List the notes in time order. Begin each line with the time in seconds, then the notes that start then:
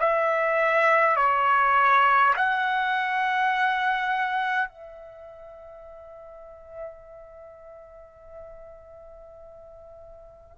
0.00 E5
1.17 C#5
2.36 F#5
4.69 E5